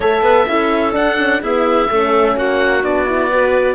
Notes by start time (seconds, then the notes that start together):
0.00 A3 A4 C#5 E5
0.21 B3 B4
0.48 C#4 E4 A4
0.91 D4 F#5
1.18 C#4
1.41 B3 E4 G#4 E5
1.89 A3 C#4 A4
2.36 A#3 F#4 F#5
2.82 B3 D4 D5
3.06 E4
3.31 F#4 B4